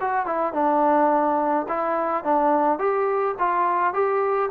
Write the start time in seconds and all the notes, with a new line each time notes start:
0.00 F#4
0.26 E4
0.53 D4
1.68 E4
2.24 D4
2.78 G4
3.39 F4
3.93 G4